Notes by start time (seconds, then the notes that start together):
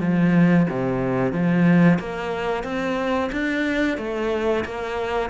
0.00 F3
0.70 C3
1.32 F3
1.99 A#3
2.64 C4
3.32 D4
3.98 A3
4.65 A#3